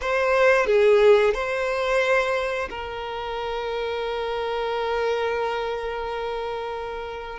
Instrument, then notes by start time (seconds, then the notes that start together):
violin
0.01 C5
0.66 G#4
1.34 C5
2.70 A#4